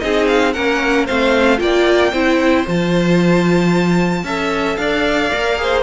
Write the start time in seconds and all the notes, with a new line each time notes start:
0.00 C4 D#4 G#4 D#5
0.28 F5
0.53 A#3 C#4 A#4 F#5
1.06 A3 C4 C5 F5
1.58 A#3 F4 D5 G5
2.12 C4 E4 C5
2.66 F3 F4 A5
4.24 C#4 A4 E5
4.76 D4 D5 F5
5.33 A#3 A#4
5.57 G#4 C5